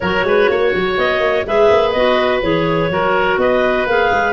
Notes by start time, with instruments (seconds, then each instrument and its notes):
0.00 tuba F#3, clarinet F#4 C#5, oboe A#4
0.24 tuba G#3, oboe B4
0.49 tuba A#3, oboe C#5
0.75 tuba F#3
0.97 tuba B3, clarinet D#5
1.19 tuba A#3
1.45 tuba G#3, clarinet G#4 E5, oboe B4
1.70 tuba A#3
1.91 tuba B3, clarinet F#4 D#5
2.42 tuba E3, clarinet G#4 C#5
2.89 tuba F#3, clarinet F#4, oboe A#4
3.37 tuba B3, oboe B4, clarinet D#5
3.86 tuba A#3, clarinet G#4 F5
4.11 tuba G#3